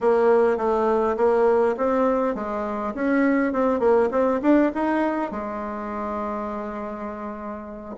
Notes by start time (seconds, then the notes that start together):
0.01 A#3
0.57 A3
1.16 A#3
1.77 C4
2.34 G#3
2.94 C#4
3.52 C4
3.79 A#3
4.11 C4
4.42 D4
4.74 D#4
5.31 G#3